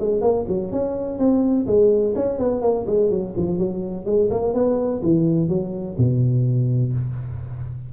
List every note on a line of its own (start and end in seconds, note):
0.00 0.22 G#3
0.22 0.46 A#3
0.49 0.72 F#3
0.72 1.19 C#4
1.19 1.66 C4
1.67 2.14 G#3
2.16 2.39 C#4
2.39 2.62 B3
2.62 2.86 A#3
2.87 3.11 G#3
3.11 3.34 F#3
3.37 3.59 F3
3.59 4.06 F#3
4.06 4.30 G#3
4.31 4.54 A#3
4.54 5.02 B3
5.03 5.49 E3
5.49 5.97 F#3
5.98 6.94 B2